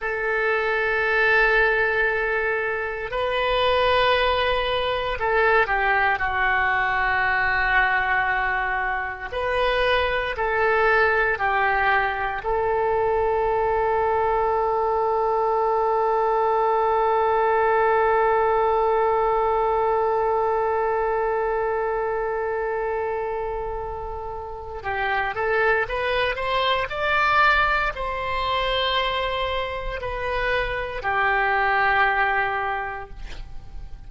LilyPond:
\new Staff \with { instrumentName = "oboe" } { \time 4/4 \tempo 4 = 58 a'2. b'4~ | b'4 a'8 g'8 fis'2~ | fis'4 b'4 a'4 g'4 | a'1~ |
a'1~ | a'1 | g'8 a'8 b'8 c''8 d''4 c''4~ | c''4 b'4 g'2 | }